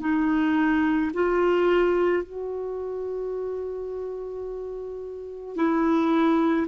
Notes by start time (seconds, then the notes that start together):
0.00 D#4
1.14 F4
2.23 F#4
5.56 E4